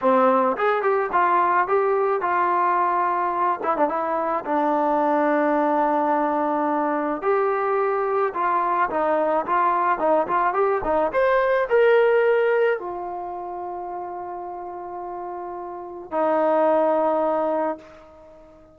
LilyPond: \new Staff \with { instrumentName = "trombone" } { \time 4/4 \tempo 4 = 108 c'4 gis'8 g'8 f'4 g'4 | f'2~ f'8 e'16 d'16 e'4 | d'1~ | d'4 g'2 f'4 |
dis'4 f'4 dis'8 f'8 g'8 dis'8 | c''4 ais'2 f'4~ | f'1~ | f'4 dis'2. | }